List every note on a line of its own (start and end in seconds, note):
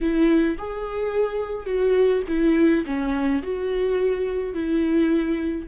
0.01 0.57 E4
0.58 1.66 G#4
1.66 2.22 F#4
2.28 2.84 E4
2.85 3.42 C#4
3.42 4.54 F#4
4.54 5.67 E4